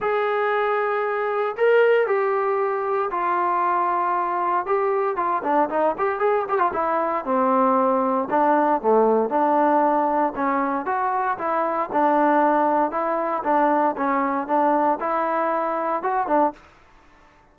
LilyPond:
\new Staff \with { instrumentName = "trombone" } { \time 4/4 \tempo 4 = 116 gis'2. ais'4 | g'2 f'2~ | f'4 g'4 f'8 d'8 dis'8 g'8 | gis'8 g'16 f'16 e'4 c'2 |
d'4 a4 d'2 | cis'4 fis'4 e'4 d'4~ | d'4 e'4 d'4 cis'4 | d'4 e'2 fis'8 d'8 | }